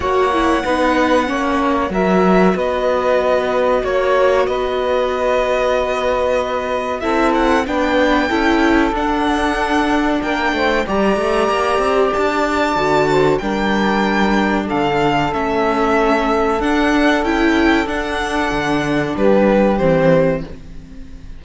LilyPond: <<
  \new Staff \with { instrumentName = "violin" } { \time 4/4 \tempo 4 = 94 fis''2. e''4 | dis''2 cis''4 dis''4~ | dis''2. e''8 fis''8 | g''2 fis''2 |
g''4 ais''2 a''4~ | a''4 g''2 f''4 | e''2 fis''4 g''4 | fis''2 b'4 c''4 | }
  \new Staff \with { instrumentName = "saxophone" } { \time 4/4 cis''4 b'4 cis''4 ais'4 | b'2 cis''4 b'4~ | b'2. a'4 | b'4 a'2. |
ais'8 c''8 d''2.~ | d''8 c''8 ais'2 a'4~ | a'1~ | a'2 g'2 | }
  \new Staff \with { instrumentName = "viola" } { \time 4/4 fis'8 e'8 dis'4 cis'4 fis'4~ | fis'1~ | fis'2. e'4 | d'4 e'4 d'2~ |
d'4 g'2. | fis'4 d'2. | cis'2 d'4 e'4 | d'2. c'4 | }
  \new Staff \with { instrumentName = "cello" } { \time 4/4 ais4 b4 ais4 fis4 | b2 ais4 b4~ | b2. c'4 | b4 cis'4 d'2 |
ais8 a8 g8 a8 ais8 c'8 d'4 | d4 g2 d4 | a2 d'4 cis'4 | d'4 d4 g4 e4 | }
>>